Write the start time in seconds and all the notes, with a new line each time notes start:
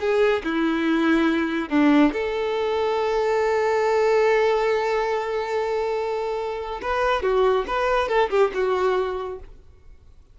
0.00 G#4
0.44 E4
1.70 D4
2.13 A4
6.82 B4
7.23 F#4
7.67 B4
8.08 A4
8.30 G4
8.54 F#4